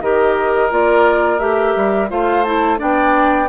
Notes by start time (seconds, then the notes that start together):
0.00 D#3 G4 A#4 D#5
0.70 A#3 F4 D5
1.39 A3 G4 E5
1.76 G3
2.09 A3 F4 C5 F5
2.44 E4 A5
2.77 B3 D4 D5 G5